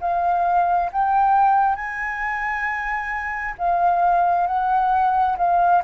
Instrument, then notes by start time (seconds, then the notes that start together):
flute
0.00 F5
0.92 G5
1.75 G#5
3.58 F5
4.47 F#5
5.37 F5